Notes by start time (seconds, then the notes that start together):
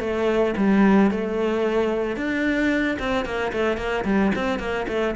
0.00 A3
0.57 G3
1.11 A3
2.16 D4
2.99 C4
3.25 A#3
3.52 A3
3.77 A#3
4.05 G3
4.35 C4
4.59 A#3
4.88 A3